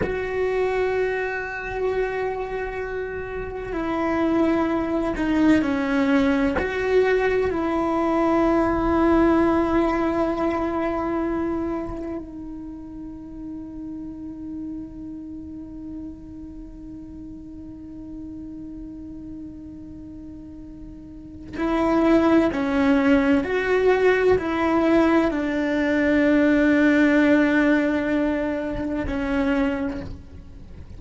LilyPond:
\new Staff \with { instrumentName = "cello" } { \time 4/4 \tempo 4 = 64 fis'1 | e'4. dis'8 cis'4 fis'4 | e'1~ | e'4 dis'2.~ |
dis'1~ | dis'2. e'4 | cis'4 fis'4 e'4 d'4~ | d'2. cis'4 | }